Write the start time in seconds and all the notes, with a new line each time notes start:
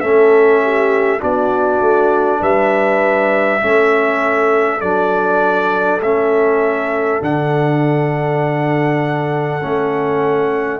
0.00 A3 C#4 A4 E5
0.63 G4
1.20 B3 D4 F#4 D5
1.80 A3
2.40 G3 B4 E5
3.60 A3 C#4 A4
4.80 F#3 D4 D5
6.00 A3 C#4 E5
7.21 D3 D4 F#5
9.60 A3 C#4